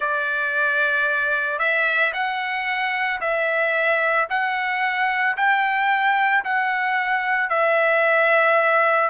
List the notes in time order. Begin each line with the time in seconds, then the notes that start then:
0.00 D5
1.58 E5
2.13 F#5
3.20 E5
4.29 F#5
5.36 G5
6.44 F#5
7.50 E5